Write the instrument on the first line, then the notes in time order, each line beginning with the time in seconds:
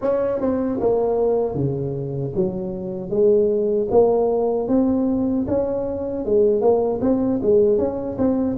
tuba
0.01 C#4
0.40 C4
0.80 A#3
1.54 C#3
2.35 F#3
3.10 G#3
3.90 A#3
4.68 C4
5.47 C#4
6.25 G#3
6.61 A#3
7.01 C4
7.42 G#3
7.78 C#4
8.17 C4